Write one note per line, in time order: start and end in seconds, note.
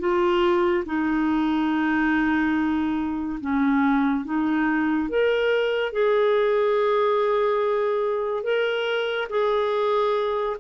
0.00 0.85 F4
0.86 3.40 D#4
3.41 4.25 C#4
4.26 5.10 D#4
5.10 5.93 A#4
5.93 8.44 G#4
8.44 9.28 A#4
9.30 10.57 G#4